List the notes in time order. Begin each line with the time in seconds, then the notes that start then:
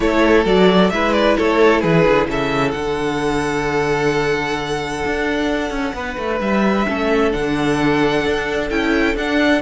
0.00 A3 E4 A4 C#5
0.45 F#3 F#4 D5
0.90 G#3 E4 B4 E5
1.12 D5
1.37 A3 A4 C#5
1.80 E3 G#4 B4
2.07 D3
2.28 C#3 A4 E5
2.71 D3 D4 F#5
5.05 D4
5.70 C#4
5.94 B3 B4
6.18 A3
6.40 G3 E5
6.87 A3 C#4 A4
7.31 D3 D4 F#5
8.25 D4
8.69 C#4 E4 G5
9.15 D4 F#5